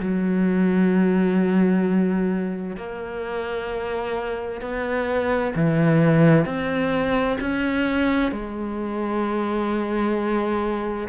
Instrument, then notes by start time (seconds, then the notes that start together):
cello
0.00 F#3
2.76 A#3
4.61 B3
5.55 E3
6.45 C4
7.40 C#4
8.31 G#3